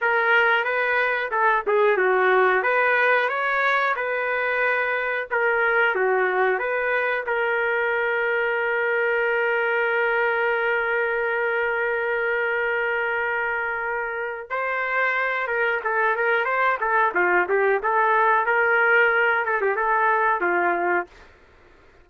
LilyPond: \new Staff \with { instrumentName = "trumpet" } { \time 4/4 \tempo 4 = 91 ais'4 b'4 a'8 gis'8 fis'4 | b'4 cis''4 b'2 | ais'4 fis'4 b'4 ais'4~ | ais'1~ |
ais'1~ | ais'2 c''4. ais'8 | a'8 ais'8 c''8 a'8 f'8 g'8 a'4 | ais'4. a'16 g'16 a'4 f'4 | }